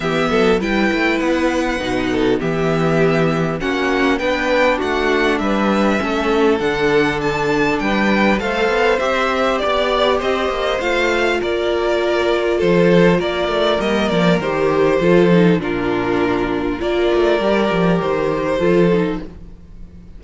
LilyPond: <<
  \new Staff \with { instrumentName = "violin" } { \time 4/4 \tempo 4 = 100 e''4 g''4 fis''2 | e''2 fis''4 g''4 | fis''4 e''2 fis''4 | a''4 g''4 f''4 e''4 |
d''4 dis''4 f''4 d''4~ | d''4 c''4 d''4 dis''8 d''8 | c''2 ais'2 | d''2 c''2 | }
  \new Staff \with { instrumentName = "violin" } { \time 4/4 g'8 a'8 b'2~ b'8 a'8 | g'2 fis'4 b'4 | fis'4 b'4 a'2~ | a'4 b'4 c''2 |
d''4 c''2 ais'4~ | ais'4 a'4 ais'2~ | ais'4 a'4 f'2 | ais'2. a'4 | }
  \new Staff \with { instrumentName = "viola" } { \time 4/4 b4 e'2 dis'4 | b2 cis'4 d'4~ | d'2 cis'4 d'4~ | d'2 a'4 g'4~ |
g'2 f'2~ | f'2. ais4 | g'4 f'8 dis'8 d'2 | f'4 g'2 f'8 dis'8 | }
  \new Staff \with { instrumentName = "cello" } { \time 4/4 e8 fis8 g8 a8 b4 b,4 | e2 ais4 b4 | a4 g4 a4 d4~ | d4 g4 a8 b8 c'4 |
b4 c'8 ais8 a4 ais4~ | ais4 f4 ais8 a8 g8 f8 | dis4 f4 ais,2 | ais8 a8 g8 f8 dis4 f4 | }
>>